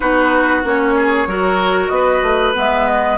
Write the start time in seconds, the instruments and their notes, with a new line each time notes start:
0.00 bassoon B3, clarinet D#4, oboe F#4, flute B4
0.63 bassoon A#3, clarinet C#4, flute C#5
0.96 oboe G#4
1.26 bassoon F#3, clarinet F#4, oboe A#4
1.88 bassoon B3, oboe B4, flute D#5
2.22 bassoon A3
2.54 bassoon G#3, clarinet B3, flute E5
2.88 flute D#5